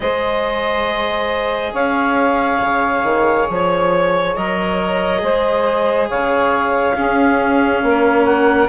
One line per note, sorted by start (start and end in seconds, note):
0.00 1.73 G#3
0.00 4.36 G#4
0.00 1.72 C5
0.00 1.73 D#5
1.72 2.60 C#4
1.72 5.20 C#5
1.72 3.48 F5
2.61 3.03 C#3
3.03 3.47 D#3
3.49 4.36 F3
3.49 4.35 C#5
4.35 5.22 F#3
4.35 5.18 A#4
4.35 6.09 D#5
5.18 6.09 G#3
5.18 6.92 G#4
5.18 6.08 C5
6.08 6.97 C#3
6.08 6.95 C#5
6.08 8.25 F5
6.94 8.68 C#4
6.94 7.82 C#4
6.94 7.82 G#4
7.82 8.69 A#3
7.82 8.69 A#4
8.25 8.68 F#5